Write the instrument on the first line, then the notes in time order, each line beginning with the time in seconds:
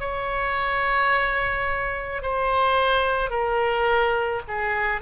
oboe
0.00 C#5
2.22 C5
3.30 A#4
4.48 G#4